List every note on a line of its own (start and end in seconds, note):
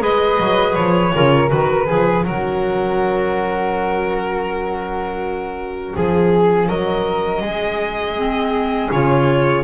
0.00 0.39 G#3
0.00 1.11 G#4
0.00 1.14 B4
0.00 0.75 D#5
0.40 0.77 F#3
0.75 1.14 F3
0.75 1.50 C#5
1.14 1.52 C#3
1.14 1.48 F4
1.14 1.86 A#4
1.48 1.90 D#3
1.48 1.85 F#4
1.48 2.25 B4
1.86 2.25 F3
1.86 2.23 G#4
1.86 2.26 G#4
2.25 5.95 F#3
2.25 8.18 C#4
2.25 5.95 F#4
2.25 5.96 A#4
5.95 6.69 F3
5.95 6.69 G#4
6.69 7.42 F#3
6.69 7.43 A#4
6.69 8.91 D#5
7.42 8.90 G#3
7.42 9.64 G#4
8.18 8.92 C4
8.92 9.64 C#3
8.92 9.64 F4
8.92 9.64 C#5